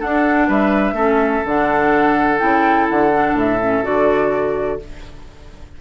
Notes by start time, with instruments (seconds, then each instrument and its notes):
0.00 clarinet D4, bassoon D4, oboe A4, flute F#5
0.48 bassoon G3, oboe B4, flute E5
0.93 bassoon A3, clarinet C#4, oboe A4
1.46 bassoon D3, clarinet D4, flute F#5
2.39 bassoon C#3, clarinet E4, flute G5
2.90 bassoon D3, flute F#5
3.12 clarinet D4
3.34 bassoon A2, flute E5
3.61 clarinet C#4
3.83 bassoon D3, clarinet F#4, flute D5